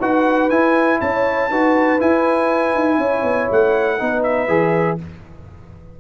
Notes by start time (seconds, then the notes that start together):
0.00 D#4 F#4 B4 F#5
0.50 E4 G#5
1.01 C#4 C#5 A5
1.50 D#4 F#4 B4
1.99 E4 G#5
2.74 D#4
2.98 C#4 C#5
3.23 B3
3.51 A3 F#5
3.99 B3 D#4 B4
4.23 E5
4.48 E3 G#4